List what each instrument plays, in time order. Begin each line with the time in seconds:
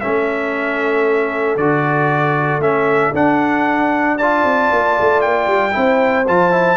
0.00 tuba A3, trombone C#4, horn A4, trumpet E5
1.56 tuba D3, trombone F#4, trumpet D5
2.58 tuba A3, trombone C#4, trumpet E5
3.13 tuba D4, trombone D4, trumpet F#5
4.17 trombone F4, horn D5, trumpet A5
4.44 tuba C4
4.72 tuba A#3
5.00 tuba A3
5.21 tuba A#3, trumpet G5
5.47 tuba G3
5.71 tuba C4, trombone E4, horn C5
6.27 tuba F3, trombone F4, trumpet A5
6.51 trombone E4